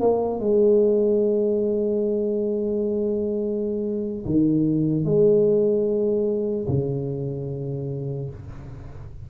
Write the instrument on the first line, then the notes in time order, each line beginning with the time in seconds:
tuba
0.00 A#3
0.39 G#3
4.25 D#3
5.04 G#3
6.67 C#3